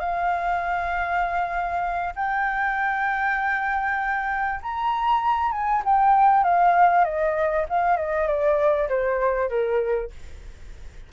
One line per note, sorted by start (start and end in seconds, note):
0.00 2.14 F5
2.16 4.61 G5
4.63 5.52 A#5
5.52 5.83 G#5
5.85 6.44 G5
6.44 7.05 F5
7.05 7.66 D#5
7.69 7.97 F5
7.97 8.27 D#5
8.27 8.89 D5
8.89 9.49 C5
9.49 10.10 A#4